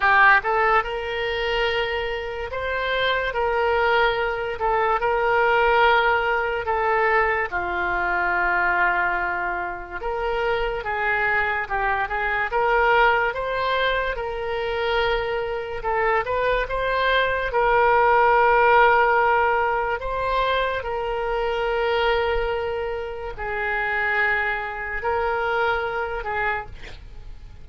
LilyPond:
\new Staff \with { instrumentName = "oboe" } { \time 4/4 \tempo 4 = 72 g'8 a'8 ais'2 c''4 | ais'4. a'8 ais'2 | a'4 f'2. | ais'4 gis'4 g'8 gis'8 ais'4 |
c''4 ais'2 a'8 b'8 | c''4 ais'2. | c''4 ais'2. | gis'2 ais'4. gis'8 | }